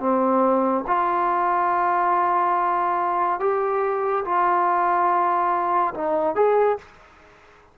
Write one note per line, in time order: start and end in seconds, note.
0.00 0.85 C4
0.87 3.40 F4
3.40 4.24 G4
4.25 5.94 F4
5.94 6.35 D#4
6.35 6.78 G#4